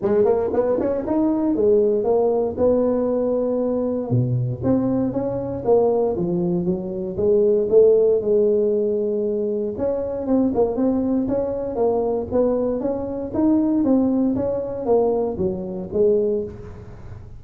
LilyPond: \new Staff \with { instrumentName = "tuba" } { \time 4/4 \tempo 4 = 117 gis8 ais8 b8 cis'8 dis'4 gis4 | ais4 b2. | b,4 c'4 cis'4 ais4 | f4 fis4 gis4 a4 |
gis2. cis'4 | c'8 ais8 c'4 cis'4 ais4 | b4 cis'4 dis'4 c'4 | cis'4 ais4 fis4 gis4 | }